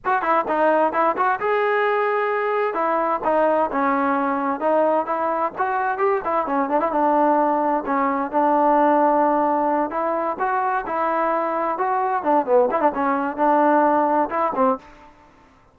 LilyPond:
\new Staff \with { instrumentName = "trombone" } { \time 4/4 \tempo 4 = 130 fis'8 e'8 dis'4 e'8 fis'8 gis'4~ | gis'2 e'4 dis'4 | cis'2 dis'4 e'4 | fis'4 g'8 e'8 cis'8 d'16 e'16 d'4~ |
d'4 cis'4 d'2~ | d'4. e'4 fis'4 e'8~ | e'4. fis'4 d'8 b8 e'16 d'16 | cis'4 d'2 e'8 c'8 | }